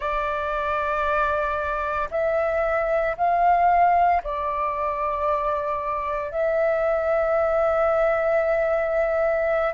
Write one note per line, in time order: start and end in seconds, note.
0.00 2.09 D5
2.11 3.16 E5
3.17 4.22 F5
4.23 6.31 D5
6.31 9.73 E5